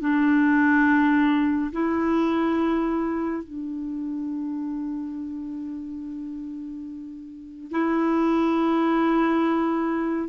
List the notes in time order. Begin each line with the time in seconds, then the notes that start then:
0.00 D4
1.72 E4
3.43 D4
7.71 E4